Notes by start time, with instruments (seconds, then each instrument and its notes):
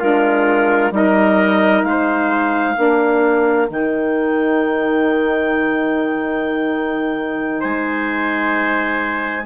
0.00 bassoon G#3, saxophone D4, trumpet F4, clarinet A#4
0.91 bassoon G3, saxophone D#4, trumpet A#4, clarinet D#5
1.84 bassoon G#3, trumpet C5, clarinet F5
2.76 bassoon A#3, saxophone D4, trumpet A#4
3.68 bassoon D#3, saxophone D#4, clarinet G5
7.60 bassoon G#3, trumpet C5, clarinet G#5